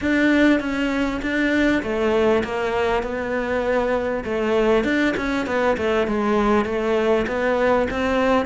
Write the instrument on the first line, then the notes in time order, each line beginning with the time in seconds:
cello
0.01 D4
0.60 C#4
1.21 D4
1.82 A3
2.44 A#3
3.02 B3
4.24 A3
4.84 D4
5.17 C#4
5.46 B3
5.77 A3
6.07 G#3
6.65 A3
7.27 B3
7.90 C4